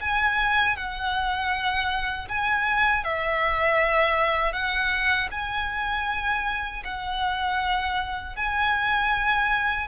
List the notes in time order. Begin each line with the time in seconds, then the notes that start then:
0.00 G#5
0.76 F#5
2.28 G#5
3.04 E5
4.52 F#5
5.31 G#5
6.84 F#5
8.36 G#5